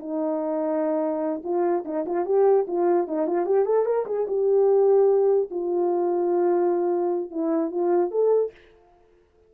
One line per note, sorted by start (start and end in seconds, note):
0.00 1.42 D#4
1.44 1.84 F4
1.85 2.05 D#4
2.06 2.26 F4
2.26 2.66 G4
2.67 3.08 F4
3.08 3.27 D#4
3.27 3.46 F4
3.46 3.66 G4
3.66 3.86 A4
3.86 4.06 A#4
4.06 4.26 G#4
4.28 5.49 G4
5.51 7.31 F4
7.31 7.71 E4
7.71 8.11 F4
8.11 8.52 A4